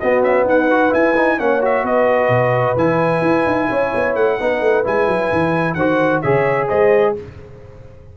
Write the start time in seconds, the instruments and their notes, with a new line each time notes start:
0.00 tuba B3, trombone B3, horn F#4, trumpet D#5
0.22 tuba C#4, trumpet E5
0.45 tuba D#4, horn B4, trumpet F#5
0.71 trombone F#4
0.90 trombone E4, tuba E4, trumpet G#5
1.16 trombone D#4
1.39 tuba A#3, trombone C#4, horn C#5, trumpet F#5
1.62 trombone F#4, trumpet E5
1.84 tuba B3, horn B4, trumpet D#5
2.29 tuba B2
2.77 tuba E3, trombone E4, trumpet G#5
3.22 tuba E4
3.46 tuba D#4
3.69 tuba C#4, horn C#5
3.95 tuba B3
4.15 tuba A3, trumpet F#5
4.40 tuba B3, trombone D#4, horn B4
4.61 tuba A3
4.84 tuba G#3, trombone E4, trumpet G#5
5.07 tuba F#3
5.32 tuba E3
5.74 tuba D#3, trombone F#4, horn C5, trumpet F#5
6.22 tuba C#3, trombone G#4, horn C#5, trumpet E5
6.68 tuba G#3, horn C5, trumpet D#5